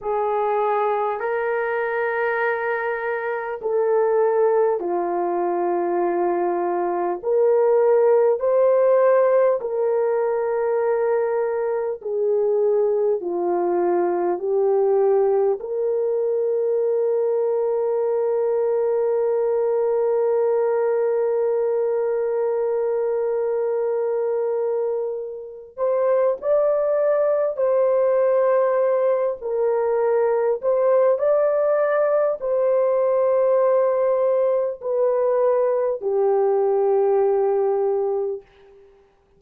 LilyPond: \new Staff \with { instrumentName = "horn" } { \time 4/4 \tempo 4 = 50 gis'4 ais'2 a'4 | f'2 ais'4 c''4 | ais'2 gis'4 f'4 | g'4 ais'2.~ |
ais'1~ | ais'4. c''8 d''4 c''4~ | c''8 ais'4 c''8 d''4 c''4~ | c''4 b'4 g'2 | }